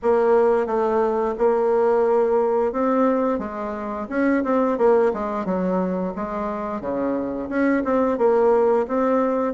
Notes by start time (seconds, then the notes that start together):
0.02 A#3
0.66 A3
1.38 A#3
2.72 C4
3.38 G#3
4.09 C#4
4.43 C4
4.77 A#3
5.13 G#3
5.45 F#3
6.15 G#3
6.80 C#3
7.49 C#4
7.84 C4
8.18 A#3
8.87 C4